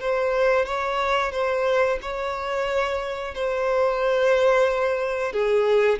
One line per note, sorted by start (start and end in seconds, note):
0.00 0.65 C5
0.65 1.32 C#5
1.32 1.98 C5
2.02 3.34 C#5
3.34 5.32 C5
5.32 5.99 G#4